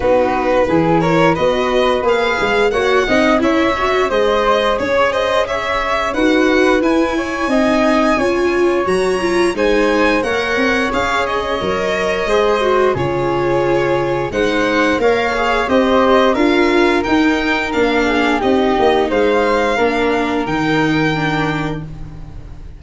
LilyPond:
<<
  \new Staff \with { instrumentName = "violin" } { \time 4/4 \tempo 4 = 88 b'4. cis''8 dis''4 f''4 | fis''4 e''4 dis''4 cis''8 dis''8 | e''4 fis''4 gis''2~ | gis''4 ais''4 gis''4 fis''4 |
f''8 dis''2~ dis''8 cis''4~ | cis''4 fis''4 f''4 dis''4 | f''4 g''4 f''4 dis''4 | f''2 g''2 | }
  \new Staff \with { instrumentName = "flute" } { \time 4/4 fis'4 gis'8 ais'8 b'2 | cis''8 dis''8 cis''4 c''4 cis''8 c''8 | cis''4 b'4. cis''8 dis''4 | cis''2 c''4 cis''4~ |
cis''2 c''4 gis'4~ | gis'4 c''4 cis''4 c''4 | ais'2~ ais'8 gis'8 g'4 | c''4 ais'2. | }
  \new Staff \with { instrumentName = "viola" } { \time 4/4 dis'4 e'4 fis'4 gis'4 | fis'8 dis'8 e'8 fis'8 gis'2~ | gis'4 fis'4 e'4 dis'4 | f'4 fis'8 f'8 dis'4 ais'4 |
gis'4 ais'4 gis'8 fis'8 f'4~ | f'4 dis'4 ais'8 gis'8 g'4 | f'4 dis'4 d'4 dis'4~ | dis'4 d'4 dis'4 d'4 | }
  \new Staff \with { instrumentName = "tuba" } { \time 4/4 b4 e4 b4 ais8 gis8 | ais8 c'8 cis'4 gis4 cis'4~ | cis'4 dis'4 e'4 c'4 | cis'4 fis4 gis4 ais8 c'8 |
cis'4 fis4 gis4 cis4~ | cis4 gis4 ais4 c'4 | d'4 dis'4 ais4 c'8 ais8 | gis4 ais4 dis2 | }
>>